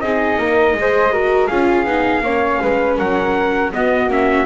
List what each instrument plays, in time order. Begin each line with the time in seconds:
0.00 double bass C4, viola D#4, flute G#4, trumpet D#5
0.38 double bass A#3, flute A#4
0.74 double bass G#3, viola G#4
0.81 flute C5
1.13 viola F#4, flute A#4
1.47 double bass C#4, viola F4, flute G#4, trumpet F5
1.85 double bass B3, viola D#4
2.22 double bass A#3, viola C#4, flute C#5
2.62 double bass G#3, flute B4
2.98 double bass F#3, flute A#4, trumpet F#5
3.73 viola B3, double bass B3, flute F#4, trumpet D#5
4.08 double bass A#3, viola C#4, trumpet E5